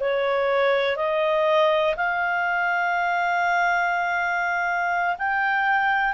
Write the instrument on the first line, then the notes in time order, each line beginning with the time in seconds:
clarinet
0.00 C#5
0.96 D#5
1.96 F5
5.18 G5